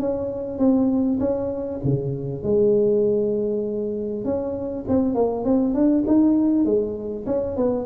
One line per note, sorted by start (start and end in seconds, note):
0.00 0.59 C#4
0.59 1.19 C4
1.20 1.81 C#4
1.84 2.43 C#3
2.43 4.25 G#3
4.25 4.85 C#4
4.89 5.15 C4
5.15 5.45 A#3
5.45 5.74 C4
5.74 6.05 D4
6.07 6.65 D#4
6.65 7.26 G#3
7.26 7.57 C#4
7.57 7.86 B3